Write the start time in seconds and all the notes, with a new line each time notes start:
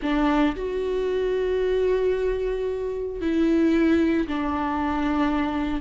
0.02 D4
0.56 F#4
3.21 E4
4.27 D4